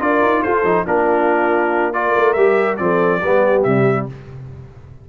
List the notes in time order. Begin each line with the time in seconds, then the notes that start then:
0.00 D4 F4 A#4 D5
0.22 D#4
0.42 F4 A4 C5
0.64 F3 D#4
0.86 A#3 D4 F4 A#4
1.93 F4 A#4 D5
2.16 A3
2.33 G3 G4 E5
2.77 F3 C4 A4 D5
3.20 G3 B3 G4
3.63 C3 G3 E5